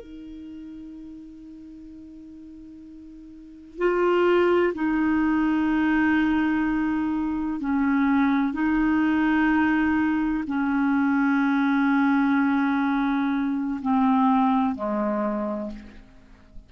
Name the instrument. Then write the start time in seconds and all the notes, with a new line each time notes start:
clarinet
0.00 D#4
3.78 F4
4.75 D#4
7.60 C#4
8.53 D#4
10.47 C#4
13.82 C4
14.75 G#3